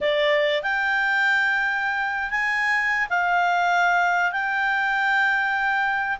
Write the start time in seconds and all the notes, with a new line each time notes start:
0.01 D5
0.62 G5
2.30 G#5
3.09 F5
4.32 G5